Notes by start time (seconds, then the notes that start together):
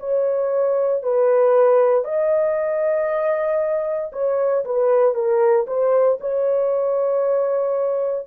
0.00 C#5
1.03 B4
2.05 D#5
4.12 C#5
4.65 B4
5.14 A#4
5.67 C5
6.20 C#5